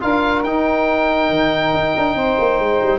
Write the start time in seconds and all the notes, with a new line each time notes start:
0.00 D4 F4 A#4 F5
0.43 D#4 G5
1.30 D#3
1.73 D#4
1.97 D4
2.15 C4 C5
2.39 A#3
2.59 G#3
2.82 G3